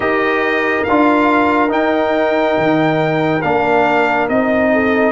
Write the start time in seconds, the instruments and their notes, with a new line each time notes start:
0.00 tuba D#4, trombone G4, horn A#4, trumpet D#5
0.84 tuba D4, trombone F4, trumpet F5
1.69 trombone D#4, tuba D#4, trumpet G5
2.57 tuba D#3
3.41 tuba A#3, trombone D4, trumpet F5
4.28 tuba C4, trombone D#4, trumpet D#5
4.72 horn A4